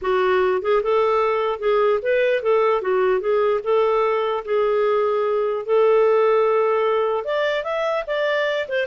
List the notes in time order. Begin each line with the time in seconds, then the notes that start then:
0.01 F#4
0.62 G#4
0.82 A4
1.59 G#4
2.02 B4
2.42 A4
2.81 F#4
3.20 G#4
3.63 A4
4.45 G#4
5.65 A4
7.24 D5
7.63 E5
8.06 D5
8.68 C5